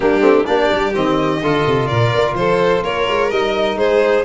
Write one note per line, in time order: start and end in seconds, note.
0.00 0.20 G3
0.00 0.20 A#3
0.00 0.47 D4
0.00 0.46 G4
0.20 0.44 A3
0.20 0.44 C4
0.45 0.71 A#3
0.45 0.93 D4
0.45 1.42 G4
0.45 0.93 D5
0.72 0.94 G3
0.93 1.41 D#3
0.93 1.40 C4
0.93 1.86 D#5
1.41 1.64 D3
1.41 3.31 F4
1.41 1.88 A4
1.66 1.90 C3
1.86 2.14 A#2
1.86 2.35 A#4
1.86 2.34 D5
2.15 2.33 A#3
2.33 2.81 F3
2.33 2.84 A4
2.33 2.83 C5
2.82 3.06 A#3
2.82 3.78 A#4
2.82 3.30 C#5
3.08 3.31 G#3
3.30 3.75 G3
3.30 4.24 D#4
3.30 3.77 D#5
3.75 4.22 G#3
3.75 4.24 G#4
3.75 4.24 C5